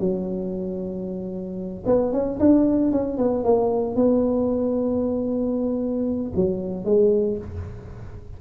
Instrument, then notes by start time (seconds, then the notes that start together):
tuba
0.00 F#3
1.86 B3
2.13 C#4
2.40 D4
2.92 C#4
3.18 B3
3.44 A#3
3.96 B3
6.36 F#3
6.85 G#3